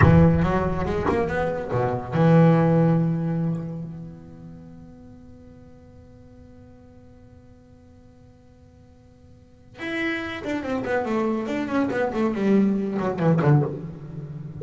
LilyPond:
\new Staff \with { instrumentName = "double bass" } { \time 4/4 \tempo 4 = 141 e4 fis4 gis8 ais8 b4 | b,4 e2.~ | e4 b2.~ | b1~ |
b1~ | b2. e'4~ | e'8 d'8 c'8 b8 a4 d'8 cis'8 | b8 a8 g4. fis8 e8 d8 | }